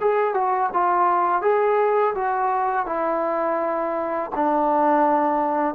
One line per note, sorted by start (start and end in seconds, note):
0.00 0.34 G#4
0.34 0.70 F#4
0.73 1.41 F4
1.41 2.14 G#4
2.15 2.86 F#4
2.86 4.30 E4
4.35 5.75 D4